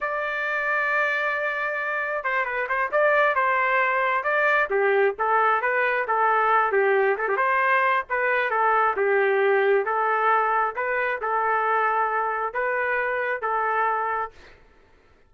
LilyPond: \new Staff \with { instrumentName = "trumpet" } { \time 4/4 \tempo 4 = 134 d''1~ | d''4 c''8 b'8 c''8 d''4 c''8~ | c''4. d''4 g'4 a'8~ | a'8 b'4 a'4. g'4 |
a'16 g'16 c''4. b'4 a'4 | g'2 a'2 | b'4 a'2. | b'2 a'2 | }